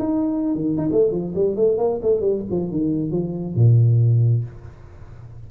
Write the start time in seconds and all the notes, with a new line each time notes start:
0.00 D#4
0.55 D#3
0.78 D#4
0.92 A3
1.12 F3
1.35 G3
1.57 A3
1.78 A#3
2.03 A3
2.21 G3
2.51 F3
2.72 D#3
3.11 F3
3.56 A#2